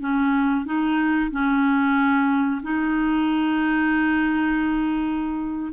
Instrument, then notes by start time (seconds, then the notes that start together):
clarinet
0.00 C#4
0.65 D#4
1.31 C#4
2.63 D#4